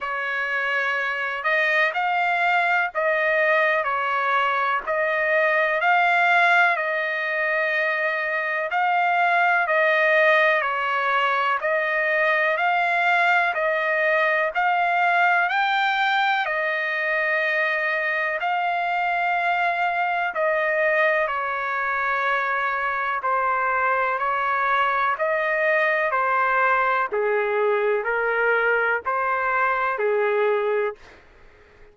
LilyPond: \new Staff \with { instrumentName = "trumpet" } { \time 4/4 \tempo 4 = 62 cis''4. dis''8 f''4 dis''4 | cis''4 dis''4 f''4 dis''4~ | dis''4 f''4 dis''4 cis''4 | dis''4 f''4 dis''4 f''4 |
g''4 dis''2 f''4~ | f''4 dis''4 cis''2 | c''4 cis''4 dis''4 c''4 | gis'4 ais'4 c''4 gis'4 | }